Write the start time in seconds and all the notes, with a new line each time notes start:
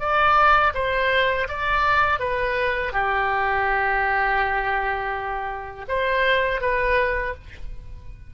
0.00 D5
0.75 C5
1.49 D5
2.20 B4
2.93 G4
5.88 C5
6.61 B4